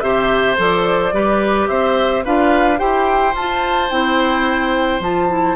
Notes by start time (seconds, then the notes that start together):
0.00 C3 G4 C5 E5
0.56 F3 A4 D5
1.12 G3 G4 B4
1.68 C4 C5 E5
2.24 D4 F4 B4 F5
2.77 E4 G4 C5 G5
3.34 F4 A5
3.89 C4 E4 G5
5.00 F3 F4 A5
5.28 E4